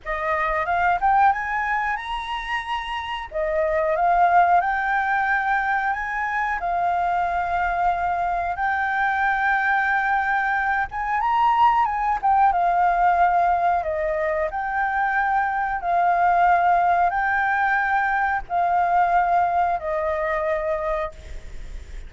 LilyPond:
\new Staff \with { instrumentName = "flute" } { \time 4/4 \tempo 4 = 91 dis''4 f''8 g''8 gis''4 ais''4~ | ais''4 dis''4 f''4 g''4~ | g''4 gis''4 f''2~ | f''4 g''2.~ |
g''8 gis''8 ais''4 gis''8 g''8 f''4~ | f''4 dis''4 g''2 | f''2 g''2 | f''2 dis''2 | }